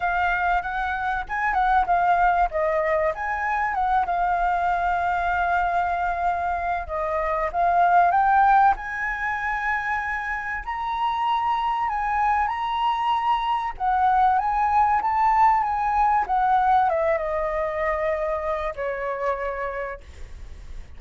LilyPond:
\new Staff \with { instrumentName = "flute" } { \time 4/4 \tempo 4 = 96 f''4 fis''4 gis''8 fis''8 f''4 | dis''4 gis''4 fis''8 f''4.~ | f''2. dis''4 | f''4 g''4 gis''2~ |
gis''4 ais''2 gis''4 | ais''2 fis''4 gis''4 | a''4 gis''4 fis''4 e''8 dis''8~ | dis''2 cis''2 | }